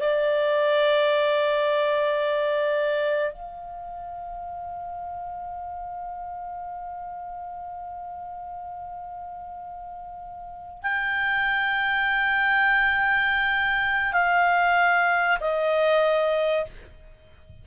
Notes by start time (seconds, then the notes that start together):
0.00 D5
3.33 F5
10.83 G5
14.13 F5
15.40 D#5